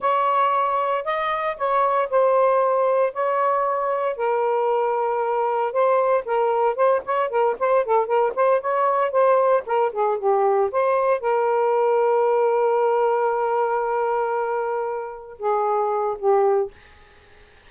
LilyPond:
\new Staff \with { instrumentName = "saxophone" } { \time 4/4 \tempo 4 = 115 cis''2 dis''4 cis''4 | c''2 cis''2 | ais'2. c''4 | ais'4 c''8 cis''8 ais'8 c''8 a'8 ais'8 |
c''8 cis''4 c''4 ais'8 gis'8 g'8~ | g'8 c''4 ais'2~ ais'8~ | ais'1~ | ais'4. gis'4. g'4 | }